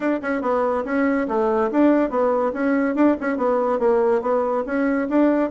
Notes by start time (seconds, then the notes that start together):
0.00 D4
0.22 C#4
0.41 B3
0.85 C#4
1.28 A3
1.71 D4
2.09 B3
2.53 C#4
2.95 D4
3.20 C#4
3.37 B3
3.79 A#3
4.21 B3
4.66 C#4
5.09 D4